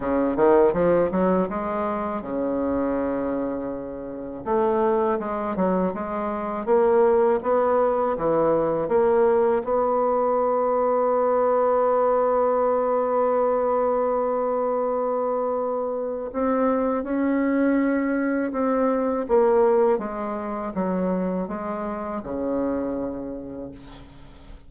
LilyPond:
\new Staff \with { instrumentName = "bassoon" } { \time 4/4 \tempo 4 = 81 cis8 dis8 f8 fis8 gis4 cis4~ | cis2 a4 gis8 fis8 | gis4 ais4 b4 e4 | ais4 b2.~ |
b1~ | b2 c'4 cis'4~ | cis'4 c'4 ais4 gis4 | fis4 gis4 cis2 | }